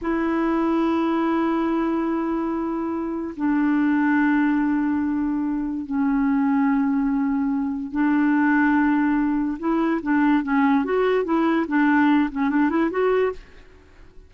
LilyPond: \new Staff \with { instrumentName = "clarinet" } { \time 4/4 \tempo 4 = 144 e'1~ | e'1 | d'1~ | d'2 cis'2~ |
cis'2. d'4~ | d'2. e'4 | d'4 cis'4 fis'4 e'4 | d'4. cis'8 d'8 e'8 fis'4 | }